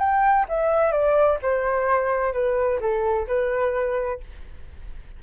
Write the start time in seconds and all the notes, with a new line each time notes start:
0.00 G5
0.49 E5
0.92 D5
1.43 C5
2.33 B4
2.81 A4
3.28 B4